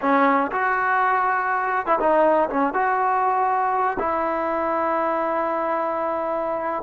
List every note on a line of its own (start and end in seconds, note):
0.01 0.51 C#4
0.51 1.86 F#4
1.86 1.98 E4
1.99 2.49 D#4
2.49 2.73 C#4
2.73 3.97 F#4
3.99 6.83 E4